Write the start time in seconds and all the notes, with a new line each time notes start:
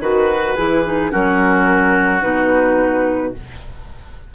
0.00 D#3 F#4 B4
0.56 E3 E4 G#4
0.86 D#4
1.11 F#3 C#4 F#4 A#4
2.22 B2 D#4 B4